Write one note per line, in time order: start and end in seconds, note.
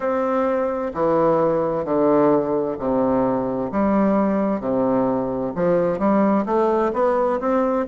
0.00 0.92 C4
0.94 1.85 E3
1.85 2.77 D3
2.79 3.71 C3
3.71 4.60 G3
4.60 5.52 C3
5.55 5.98 F3
5.98 6.44 G3
6.45 6.91 A3
6.93 7.39 B3
7.40 7.86 C4